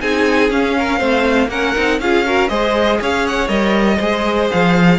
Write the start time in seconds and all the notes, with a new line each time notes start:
0.00 C4 D#4 G#4 G#5
0.50 C#4 F5
0.78 A#4
0.98 A3 C4 C5
1.48 A#3 C#4 A#4 F#5
1.75 C4 D#4
1.99 C#4 F4 G#4 F5
2.25 F#4 A#4
2.48 G#3 G#4 C5 D#5
3.00 C#4 C#5 F5
3.26 F#5
3.48 G3 A#4 D#5
3.96 G#3 G#4 C5
4.51 F3 F5